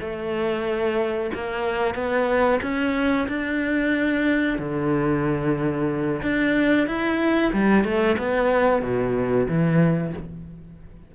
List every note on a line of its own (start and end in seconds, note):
0.00 1.30 A3
1.34 1.94 A#3
1.94 2.59 B3
2.62 3.27 C#4
3.28 4.58 D4
4.58 6.21 D3
6.22 6.87 D4
6.87 7.52 E4
7.53 7.84 G3
7.84 8.16 A3
8.18 8.82 B3
8.82 9.47 B2
9.48 10.13 E3